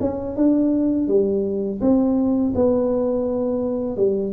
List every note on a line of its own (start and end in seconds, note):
0.00 0.36 C#4
0.36 1.08 D4
1.08 1.80 G3
1.81 2.53 C4
2.55 3.97 B3
3.97 4.33 G3